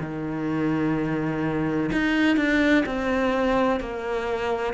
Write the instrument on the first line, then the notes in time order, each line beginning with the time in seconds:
cello
0.00 D#3
1.92 D#4
2.36 D4
2.85 C4
3.80 A#3